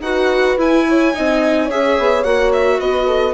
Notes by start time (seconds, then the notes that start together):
0.00 D#4 F#4 B4 F#5
0.58 E4 G#5
0.89 C#5
1.14 C4 D#4 D#5
1.66 C#4 G#4 C#5 E5
1.98 B3
2.24 A#3 F#4 F#5
2.53 E5
2.80 B3 B4 D#5
3.07 A4